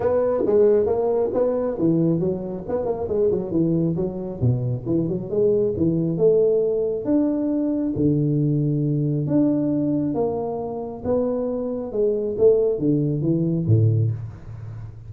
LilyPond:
\new Staff \with { instrumentName = "tuba" } { \time 4/4 \tempo 4 = 136 b4 gis4 ais4 b4 | e4 fis4 b8 ais8 gis8 fis8 | e4 fis4 b,4 e8 fis8 | gis4 e4 a2 |
d'2 d2~ | d4 d'2 ais4~ | ais4 b2 gis4 | a4 d4 e4 a,4 | }